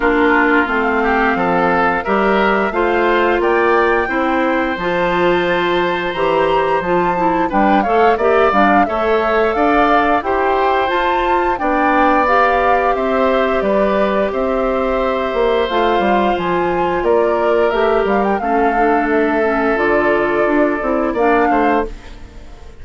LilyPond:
<<
  \new Staff \with { instrumentName = "flute" } { \time 4/4 \tempo 4 = 88 ais'4 f''2 e''4 | f''4 g''2 a''4~ | a''4 ais''4 a''4 g''8 f''8 | e''8 f''8 e''4 f''4 g''4 |
a''4 g''4 f''4 e''4 | d''4 e''2 f''4 | gis''4 d''4 e''8 f''16 g''16 f''4 | e''4 d''2 f''4 | }
  \new Staff \with { instrumentName = "oboe" } { \time 4/4 f'4. g'8 a'4 ais'4 | c''4 d''4 c''2~ | c''2. b'8 cis''8 | d''4 cis''4 d''4 c''4~ |
c''4 d''2 c''4 | b'4 c''2.~ | c''4 ais'2 a'4~ | a'2. d''8 c''8 | }
  \new Staff \with { instrumentName = "clarinet" } { \time 4/4 d'4 c'2 g'4 | f'2 e'4 f'4~ | f'4 g'4 f'8 e'8 d'8 a'8 | g'8 d'8 a'2 g'4 |
f'4 d'4 g'2~ | g'2. f'4~ | f'2 g'4 cis'8 d'8~ | d'8 cis'8 f'4. e'8 d'4 | }
  \new Staff \with { instrumentName = "bassoon" } { \time 4/4 ais4 a4 f4 g4 | a4 ais4 c'4 f4~ | f4 e4 f4 g8 a8 | ais8 g8 a4 d'4 e'4 |
f'4 b2 c'4 | g4 c'4. ais8 a8 g8 | f4 ais4 a8 g8 a4~ | a4 d4 d'8 c'8 ais8 a8 | }
>>